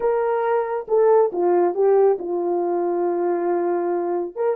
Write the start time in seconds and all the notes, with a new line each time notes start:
0.00 A#4
0.88 A4
1.32 F4
1.74 G4
2.19 F4
4.35 A#4